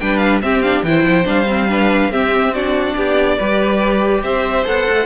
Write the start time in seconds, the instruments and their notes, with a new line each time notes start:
0.00 cello G3, viola D4, violin B4 G5
0.17 violin F5
0.42 viola C4, cello C4, violin G4 E5
0.62 viola D4, violin F5
0.82 cello E3, viola E4, violin C5 G5
1.03 cello F3
1.24 cello G3, viola D4, violin F5
1.47 viola C4
1.69 viola D4, violin B4
2.09 cello C4, viola C4, violin G4 E5
2.53 viola D4, violin F#4 D5
2.96 cello B3, violin G4
3.37 cello G3, viola G4, violin B4
4.23 cello C4, violin C5 E5
4.64 cello B3, viola A4, violin F#5
4.90 cello A3